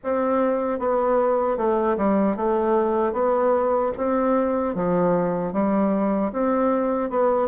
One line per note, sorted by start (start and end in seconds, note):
0.03 0.79 C4
0.79 1.57 B3
1.57 1.96 A3
1.97 2.36 G3
2.36 3.13 A3
3.13 3.92 B3
3.97 4.74 C4
4.74 5.52 F3
5.52 6.31 G3
6.32 7.10 C4
7.10 7.48 B3